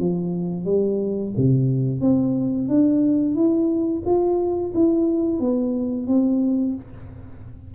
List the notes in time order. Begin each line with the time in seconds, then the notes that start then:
0.00 F3
0.65 G3
1.37 C3
2.01 C4
2.68 D4
3.35 E4
4.06 F4
4.75 E4
5.40 B3
6.08 C4